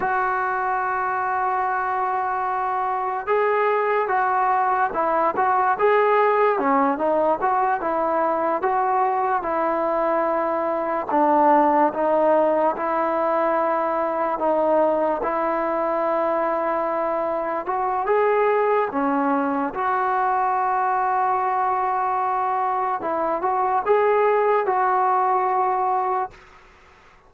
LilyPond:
\new Staff \with { instrumentName = "trombone" } { \time 4/4 \tempo 4 = 73 fis'1 | gis'4 fis'4 e'8 fis'8 gis'4 | cis'8 dis'8 fis'8 e'4 fis'4 e'8~ | e'4. d'4 dis'4 e'8~ |
e'4. dis'4 e'4.~ | e'4. fis'8 gis'4 cis'4 | fis'1 | e'8 fis'8 gis'4 fis'2 | }